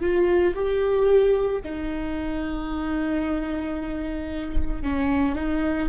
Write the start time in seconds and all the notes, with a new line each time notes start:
0.00 F4
0.55 G4
1.62 D#4
4.82 C#4
5.35 D#4